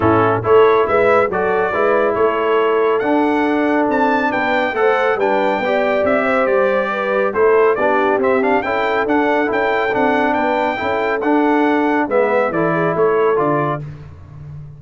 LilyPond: <<
  \new Staff \with { instrumentName = "trumpet" } { \time 4/4 \tempo 4 = 139 a'4 cis''4 e''4 d''4~ | d''4 cis''2 fis''4~ | fis''4 a''4 g''4 fis''4 | g''2 e''4 d''4~ |
d''4 c''4 d''4 e''8 f''8 | g''4 fis''4 g''4 fis''4 | g''2 fis''2 | e''4 d''4 cis''4 d''4 | }
  \new Staff \with { instrumentName = "horn" } { \time 4/4 e'4 a'4 b'4 a'4 | b'4 a'2.~ | a'2 b'4 c''4 | b'4 d''4. c''4. |
b'4 a'4 g'2 | a'1 | b'4 a'2. | b'4 a'8 gis'8 a'2 | }
  \new Staff \with { instrumentName = "trombone" } { \time 4/4 cis'4 e'2 fis'4 | e'2. d'4~ | d'2. a'4 | d'4 g'2.~ |
g'4 e'4 d'4 c'8 d'8 | e'4 d'4 e'4 d'4~ | d'4 e'4 d'2 | b4 e'2 f'4 | }
  \new Staff \with { instrumentName = "tuba" } { \time 4/4 a,4 a4 gis4 fis4 | gis4 a2 d'4~ | d'4 c'4 b4 a4 | g4 b4 c'4 g4~ |
g4 a4 b4 c'4 | cis'4 d'4 cis'4 c'4 | b4 cis'4 d'2 | gis4 e4 a4 d4 | }
>>